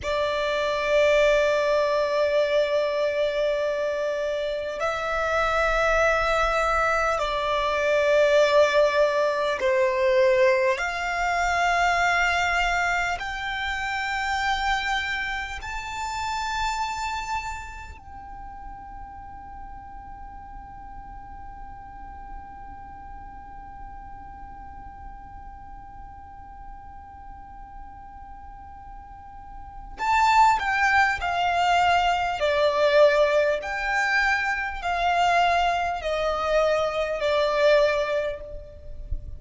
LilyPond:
\new Staff \with { instrumentName = "violin" } { \time 4/4 \tempo 4 = 50 d''1 | e''2 d''2 | c''4 f''2 g''4~ | g''4 a''2 g''4~ |
g''1~ | g''1~ | g''4 a''8 g''8 f''4 d''4 | g''4 f''4 dis''4 d''4 | }